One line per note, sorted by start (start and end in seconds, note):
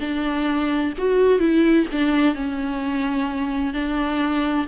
0.00 0.93 D4
0.98 1.39 F#4
1.39 1.86 E4
1.92 2.34 D4
2.34 3.73 C#4
3.73 4.66 D4